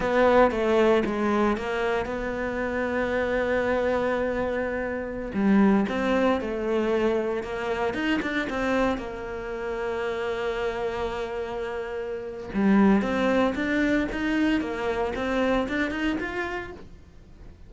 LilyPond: \new Staff \with { instrumentName = "cello" } { \time 4/4 \tempo 4 = 115 b4 a4 gis4 ais4 | b1~ | b2~ b16 g4 c'8.~ | c'16 a2 ais4 dis'8 d'16~ |
d'16 c'4 ais2~ ais8.~ | ais1 | g4 c'4 d'4 dis'4 | ais4 c'4 d'8 dis'8 f'4 | }